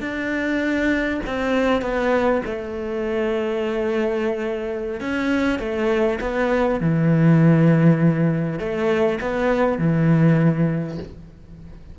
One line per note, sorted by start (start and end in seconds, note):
0.00 1.20 D4
1.26 1.81 C4
1.81 2.41 B3
2.45 5.00 A3
5.00 5.59 C#4
5.59 6.19 A3
6.20 6.80 B3
6.80 8.59 E3
8.59 9.19 A3
9.20 9.78 B3
9.78 10.98 E3